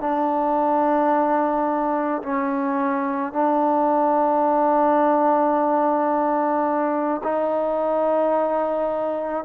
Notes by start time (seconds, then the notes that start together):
0.00 D4
2.22 C#4
3.32 D4
7.23 D#4